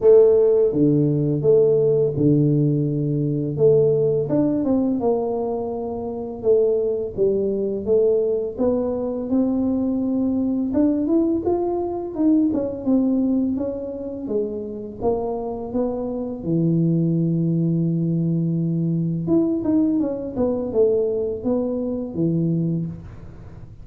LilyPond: \new Staff \with { instrumentName = "tuba" } { \time 4/4 \tempo 4 = 84 a4 d4 a4 d4~ | d4 a4 d'8 c'8 ais4~ | ais4 a4 g4 a4 | b4 c'2 d'8 e'8 |
f'4 dis'8 cis'8 c'4 cis'4 | gis4 ais4 b4 e4~ | e2. e'8 dis'8 | cis'8 b8 a4 b4 e4 | }